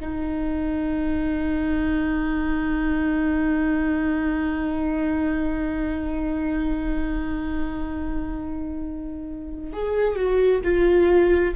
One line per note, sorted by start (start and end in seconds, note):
0.00 9.73 D#4
9.73 10.16 G#4
10.16 10.61 F#4
10.64 11.55 F4